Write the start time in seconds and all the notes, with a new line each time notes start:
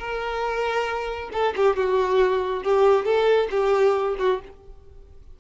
0.00 A#4
1.33 A4
1.57 G4
1.77 F#4
2.64 G4
3.05 A4
3.51 G4
4.19 F#4